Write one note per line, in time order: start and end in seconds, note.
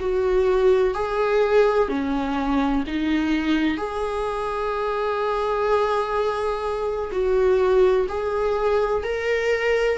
0.00 0.95 F#4
0.95 1.89 G#4
1.89 2.84 C#4
2.87 3.78 D#4
3.78 7.11 G#4
7.13 8.08 F#4
8.09 9.04 G#4
9.04 9.98 A#4